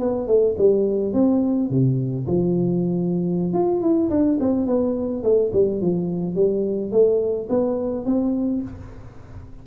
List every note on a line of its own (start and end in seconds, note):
0.00 0.28 B3
0.28 0.56 A3
0.59 1.14 G3
1.14 1.70 C4
1.70 2.27 C3
2.27 3.54 F3
3.54 3.82 F4
3.82 4.10 E4
4.10 4.39 D4
4.40 4.67 C4
4.67 5.24 B3
5.24 5.52 A3
5.53 5.81 G3
5.81 6.36 F3
6.36 6.92 G3
6.92 7.49 A3
7.50 8.06 B3
8.06 8.63 C4